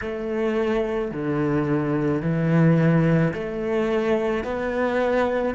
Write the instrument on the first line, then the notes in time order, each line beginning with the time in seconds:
cello
0.01 A3
1.11 D3
2.22 E3
3.33 A3
4.44 B3